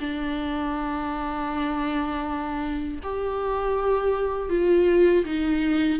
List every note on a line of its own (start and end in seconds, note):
0.00 3.00 D4
3.03 4.50 G4
4.50 5.25 F4
5.25 6.00 D#4